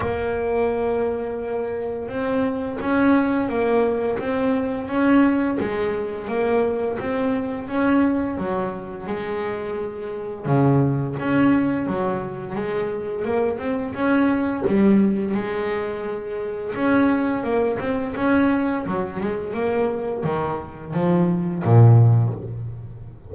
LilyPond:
\new Staff \with { instrumentName = "double bass" } { \time 4/4 \tempo 4 = 86 ais2. c'4 | cis'4 ais4 c'4 cis'4 | gis4 ais4 c'4 cis'4 | fis4 gis2 cis4 |
cis'4 fis4 gis4 ais8 c'8 | cis'4 g4 gis2 | cis'4 ais8 c'8 cis'4 fis8 gis8 | ais4 dis4 f4 ais,4 | }